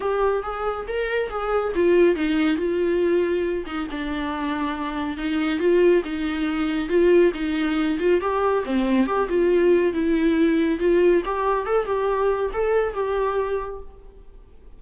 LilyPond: \new Staff \with { instrumentName = "viola" } { \time 4/4 \tempo 4 = 139 g'4 gis'4 ais'4 gis'4 | f'4 dis'4 f'2~ | f'8 dis'8 d'2. | dis'4 f'4 dis'2 |
f'4 dis'4. f'8 g'4 | c'4 g'8 f'4. e'4~ | e'4 f'4 g'4 a'8 g'8~ | g'4 a'4 g'2 | }